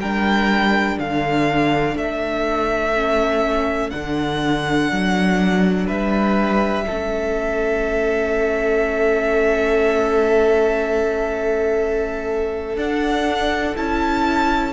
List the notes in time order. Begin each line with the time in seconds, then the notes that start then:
0.00 G3 D4 A#4 G5
0.98 D3 A4 F5
1.96 A3 E5
2.94 C#4
3.90 D3 D4 F#5
4.91 F#3
5.86 G3 B4 E5
6.86 A3 C#4 A4
12.76 D4 F#5
13.76 C#4 E4 A5